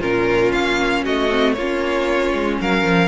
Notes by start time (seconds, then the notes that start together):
0.00 A#2 C#4 F4 A#4
0.52 A#3 F5
1.04 A3 F#4 D#5
1.30 C4
1.53 A#3 F4 C#5
1.60 C#4
2.34 G#3
2.61 F#3 A#4 F5
2.84 F3